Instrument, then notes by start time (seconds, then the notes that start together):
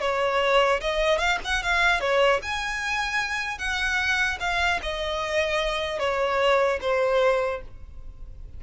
violin
0.00 C#5
0.80 D#5
1.18 F5
1.44 F#5
1.62 F5
2.00 C#5
2.42 G#5
3.58 F#5
4.40 F5
4.82 D#5
5.99 C#5
6.81 C5